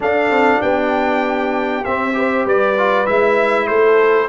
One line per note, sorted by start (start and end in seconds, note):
0.00 1.83 D4
0.00 0.30 D4
0.00 0.61 A4
0.00 0.61 F5
0.30 0.61 C4
0.61 1.84 B3
0.61 2.14 G4
0.61 1.84 G5
1.84 2.45 C4
1.84 2.13 C4
1.84 2.45 E5
2.13 2.74 G4
2.13 2.45 C5
2.45 3.06 G3
2.45 3.68 B4
2.45 3.06 D5
2.77 3.06 F4
3.06 3.68 G#3
3.06 4.28 E4
3.06 3.67 E5
3.67 4.29 A3
3.67 4.29 A4
3.67 4.28 C5